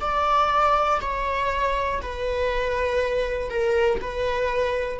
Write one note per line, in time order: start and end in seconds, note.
0.00 1.00 D5
1.01 2.01 C#5
2.02 3.50 B4
3.50 4.00 A#4
4.01 5.00 B4